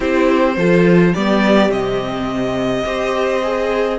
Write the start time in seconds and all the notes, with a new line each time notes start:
0.00 C4 E4 G4 C5
0.57 F3 F4 A4
1.13 G3 B3 G4 D5
1.69 C3 C4 D#5
2.85 C4 G4 C5
3.42 G#4